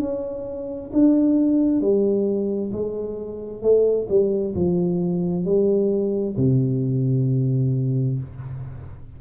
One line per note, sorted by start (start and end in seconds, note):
0.00 0.91 C#4
0.93 1.81 D4
1.81 2.72 G3
2.72 3.62 G#3
3.62 4.07 A3
4.09 4.55 G3
4.55 5.45 F3
5.45 6.36 G3
6.37 8.19 C3